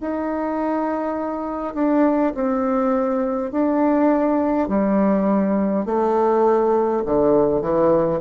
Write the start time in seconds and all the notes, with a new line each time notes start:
0.00 D#4
1.74 D4
2.34 C4
3.51 D4
4.68 G3
5.85 A3
7.05 D3
7.61 E3